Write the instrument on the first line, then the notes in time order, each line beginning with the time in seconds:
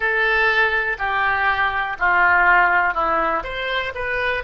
oboe
0.00 A4
0.98 G4
1.99 F4
2.93 E4
3.43 C5
3.94 B4